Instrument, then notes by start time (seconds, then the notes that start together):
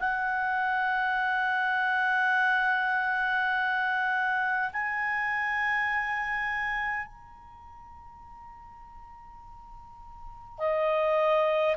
clarinet
0.00 F#5
4.73 G#5
7.06 A#5
10.59 D#5